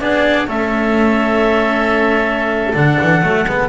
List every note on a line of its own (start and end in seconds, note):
0.00 0.48 B3
0.00 0.47 D4
0.00 0.48 G#4
0.00 0.48 D5
0.47 2.74 A3
0.47 2.73 C#4
0.47 3.69 A4
0.47 2.75 E5
2.74 2.98 D3
2.74 3.22 D4
2.74 3.69 F#5
3.02 3.22 E3
3.22 3.45 F#3
3.22 3.45 A3
3.45 3.69 G#3
3.45 3.69 B3